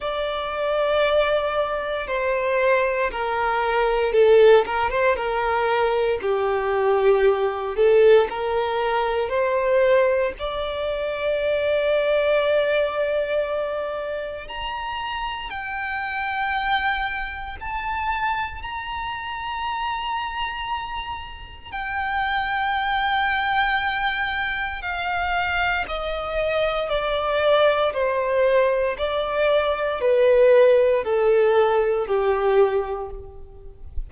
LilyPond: \new Staff \with { instrumentName = "violin" } { \time 4/4 \tempo 4 = 58 d''2 c''4 ais'4 | a'8 ais'16 c''16 ais'4 g'4. a'8 | ais'4 c''4 d''2~ | d''2 ais''4 g''4~ |
g''4 a''4 ais''2~ | ais''4 g''2. | f''4 dis''4 d''4 c''4 | d''4 b'4 a'4 g'4 | }